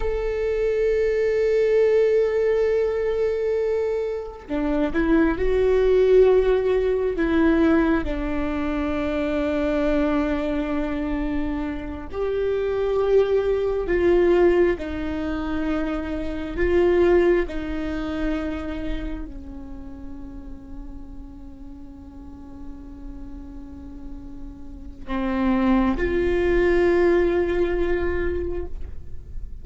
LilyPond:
\new Staff \with { instrumentName = "viola" } { \time 4/4 \tempo 4 = 67 a'1~ | a'4 d'8 e'8 fis'2 | e'4 d'2.~ | d'4. g'2 f'8~ |
f'8 dis'2 f'4 dis'8~ | dis'4. cis'2~ cis'8~ | cis'1 | c'4 f'2. | }